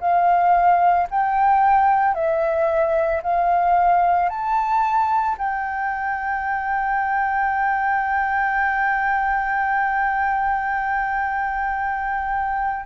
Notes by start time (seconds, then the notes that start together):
0.00 F5
1.11 G5
2.14 E5
3.23 F5
4.29 A5
5.38 G5